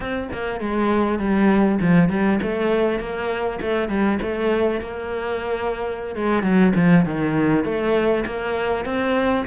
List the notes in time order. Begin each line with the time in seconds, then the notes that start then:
0.00 C4
0.32 A#3
0.60 G#3
1.18 G3
1.80 F3
2.09 G3
2.42 A3
2.99 A#3
3.61 A3
3.88 G3
4.22 A3
4.80 A#3
6.15 G#3
6.42 F#3
6.75 F3
7.05 D#3
7.64 A3
8.26 A#3
8.85 C4